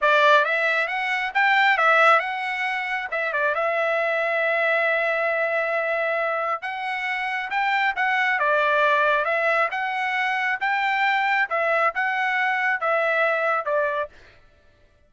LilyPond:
\new Staff \with { instrumentName = "trumpet" } { \time 4/4 \tempo 4 = 136 d''4 e''4 fis''4 g''4 | e''4 fis''2 e''8 d''8 | e''1~ | e''2. fis''4~ |
fis''4 g''4 fis''4 d''4~ | d''4 e''4 fis''2 | g''2 e''4 fis''4~ | fis''4 e''2 d''4 | }